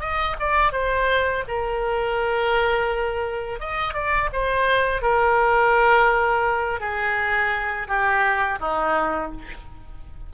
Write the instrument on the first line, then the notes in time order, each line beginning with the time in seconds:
oboe
0.00 D#5
0.40 D5
0.72 C5
1.48 A#4
3.60 D#5
3.94 D5
4.33 C5
5.02 A#4
6.80 G#4
7.88 G4
8.60 D#4